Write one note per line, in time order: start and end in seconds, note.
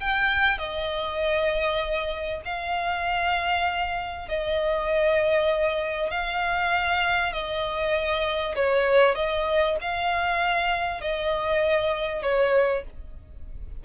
0.00 0.58 G5
0.58 2.42 D#5
2.45 4.28 F5
4.28 6.10 D#5
6.10 7.32 F5
7.32 8.55 D#5
8.55 9.15 C#5
9.15 9.76 D#5
9.81 11.01 F5
11.01 12.22 D#5
12.22 12.83 C#5